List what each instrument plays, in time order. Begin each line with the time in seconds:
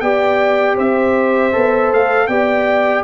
0.00 tuba B3, trombone G4, horn D5, trumpet G5
0.75 tuba C4, horn C5, trumpet E5
1.52 tuba B3, trombone A4
1.92 tuba A3, trumpet F5
2.27 tuba B3, trombone G4, horn D5, trumpet G5